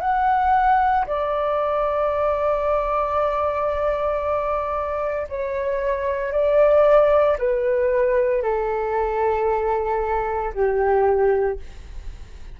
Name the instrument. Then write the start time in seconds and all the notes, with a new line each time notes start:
flute
0.00 F#5
1.06 D5
5.28 C#5
6.32 D5
7.38 B4
8.42 A4
10.53 G4